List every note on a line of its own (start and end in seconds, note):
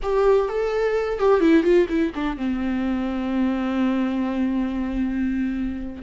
0.02 0.48 G4
0.48 1.19 A4
1.19 1.40 G4
1.40 1.63 E4
1.63 1.87 F4
1.88 2.12 E4
2.15 2.37 D4
2.37 6.02 C4